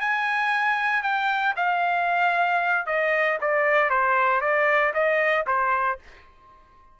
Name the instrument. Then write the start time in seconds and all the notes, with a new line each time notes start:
trumpet
0.00 G#5
1.02 G5
1.56 F5
2.86 D#5
3.40 D5
3.89 C5
4.41 D5
4.93 D#5
5.46 C5